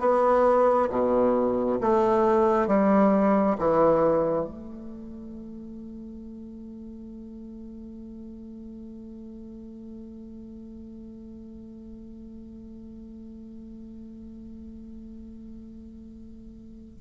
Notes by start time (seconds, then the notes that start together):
0.00 B3
0.90 B2
1.81 A3
2.67 G3
3.59 E3
4.46 A3